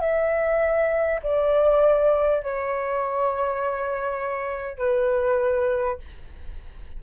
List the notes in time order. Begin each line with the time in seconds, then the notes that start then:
0.00 E5
1.22 D5
2.43 C#5
4.78 B4